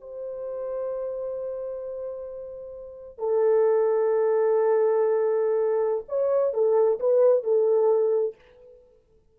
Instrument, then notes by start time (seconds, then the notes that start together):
horn
0.00 C5
3.18 A4
6.08 C#5
6.53 A4
6.99 B4
7.43 A4